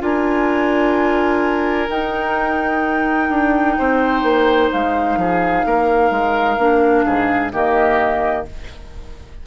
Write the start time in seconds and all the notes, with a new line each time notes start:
0.00 D4 F4 A#4 G#5
1.89 D#4 G5
3.29 D4
3.78 C4 C5
4.23 A#3
4.72 G#3 F5
5.17 F3 G#4
5.66 A#3 A#4
6.11 G#3
6.59 A#3 D4
7.06 G#2 G#4
7.52 D#3 A#3 G4 D#5